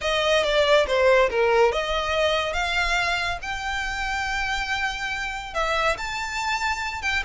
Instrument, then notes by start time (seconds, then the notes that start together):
violin
0.01 D#5
0.43 D5
0.87 C5
1.30 A#4
1.72 D#5
2.53 F5
3.42 G5
5.54 E5
5.97 A5
7.02 G5